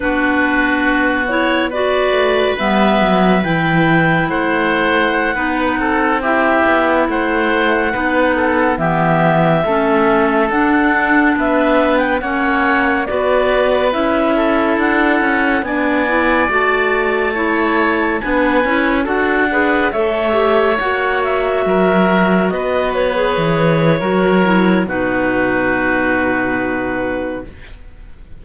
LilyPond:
<<
  \new Staff \with { instrumentName = "clarinet" } { \time 4/4 \tempo 4 = 70 b'4. cis''8 d''4 e''4 | g''4 fis''2~ fis''16 e''8.~ | e''16 fis''2 e''4.~ e''16~ | e''16 fis''4 e''8. g''16 fis''4 d''8.~ |
d''16 e''4 fis''4 gis''4 a''8.~ | a''4~ a''16 gis''4 fis''4 e''8.~ | e''16 fis''8 e''4. dis''8 cis''4~ cis''16~ | cis''4 b'2. | }
  \new Staff \with { instrumentName = "oboe" } { \time 4/4 fis'2 b'2~ | b'4 c''4~ c''16 b'8 a'8 g'8.~ | g'16 c''4 b'8 a'8 g'4 a'8.~ | a'4~ a'16 b'4 cis''4 b'8.~ |
b'8. a'4. d''4.~ d''16~ | d''16 cis''4 b'4 a'8 b'8 cis''8.~ | cis''4~ cis''16 ais'4 b'4.~ b'16 | ais'4 fis'2. | }
  \new Staff \with { instrumentName = "clarinet" } { \time 4/4 d'4. e'8 fis'4 b4 | e'2~ e'16 dis'4 e'8.~ | e'4~ e'16 dis'4 b4 cis'8.~ | cis'16 d'2 cis'4 fis'8.~ |
fis'16 e'2 d'8 e'8 fis'8.~ | fis'16 e'4 d'8 e'8 fis'8 gis'8 a'8 g'16~ | g'16 fis'2~ fis'8. gis'4 | fis'8 e'8 dis'2. | }
  \new Staff \with { instrumentName = "cello" } { \time 4/4 b2~ b8 a8 g8 fis8 | e4 a4~ a16 b8 c'4 b16~ | b16 a4 b4 e4 a8.~ | a16 d'4 b4 ais4 b8.~ |
b16 cis'4 d'8 cis'8 b4 a8.~ | a4~ a16 b8 cis'8 d'4 a8.~ | a16 ais4 fis4 b4 e8. | fis4 b,2. | }
>>